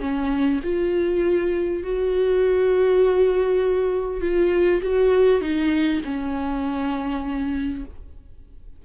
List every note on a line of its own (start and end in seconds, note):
0.00 0.60 C#4
0.63 1.83 F4
1.83 4.21 F#4
4.21 4.81 F4
4.82 5.41 F#4
5.41 6.01 D#4
6.04 7.84 C#4